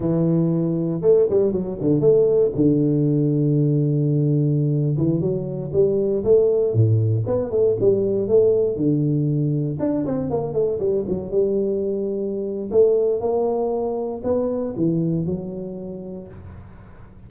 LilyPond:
\new Staff \with { instrumentName = "tuba" } { \time 4/4 \tempo 4 = 118 e2 a8 g8 fis8 d8 | a4 d2.~ | d4.~ d16 e8 fis4 g8.~ | g16 a4 a,4 b8 a8 g8.~ |
g16 a4 d2 d'8 c'16~ | c'16 ais8 a8 g8 fis8 g4.~ g16~ | g4 a4 ais2 | b4 e4 fis2 | }